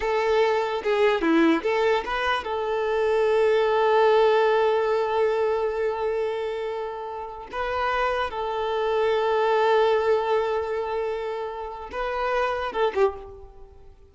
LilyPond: \new Staff \with { instrumentName = "violin" } { \time 4/4 \tempo 4 = 146 a'2 gis'4 e'4 | a'4 b'4 a'2~ | a'1~ | a'1~ |
a'2~ a'16 b'4.~ b'16~ | b'16 a'2.~ a'8.~ | a'1~ | a'4 b'2 a'8 g'8 | }